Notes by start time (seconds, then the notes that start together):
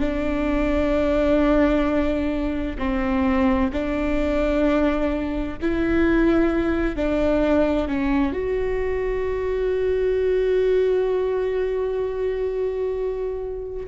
0.00 D4
2.78 C4
3.73 D4
5.61 E4
6.96 D4
7.88 C#4
8.33 F#4